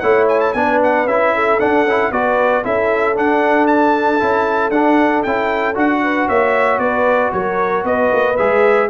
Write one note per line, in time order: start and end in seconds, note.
0.00 0.54 A3
0.00 0.55 E4
0.00 0.55 C#5
0.00 0.26 F#5
0.29 0.41 G#5
0.41 0.53 A5
0.53 1.06 B3
0.53 1.09 D4
0.53 1.35 B4
0.53 0.80 G#5
0.83 1.08 F#5
1.06 1.58 C#4
1.06 1.60 E4
1.06 1.60 E5
1.35 2.12 A4
1.60 1.86 D4
1.60 1.85 D4
1.60 2.12 F#5
1.85 2.11 C#4
1.85 2.13 E4
2.12 2.64 B3
2.12 2.64 F#4
2.12 2.65 B4
2.12 2.65 D5
2.64 3.18 C#4
2.64 3.15 E4
2.64 6.04 A4
2.64 3.17 E5
3.15 4.20 D4
3.15 4.22 D4
3.15 3.68 F#5
3.68 4.71 A5
4.20 4.71 C#4
4.20 4.72 E4
4.71 5.23 D4
4.71 5.27 D4
4.71 5.23 F#5
5.23 5.77 C#4
5.23 5.75 E4
5.23 5.76 G5
5.75 6.29 D4
5.75 8.36 F#4
5.75 6.29 F#5
6.04 6.28 B4
6.28 6.79 A#3
6.28 6.81 C#5
6.28 6.80 E5
6.79 7.31 B3
6.79 7.33 B4
6.79 7.32 D5
7.33 7.84 F#3
7.33 7.86 A#4
7.33 7.85 C#5
7.84 8.10 B3
7.84 8.90 B4
7.84 8.37 D#5
8.12 8.38 A#3
8.37 8.90 G#3
8.37 8.90 G#4
8.37 8.89 E5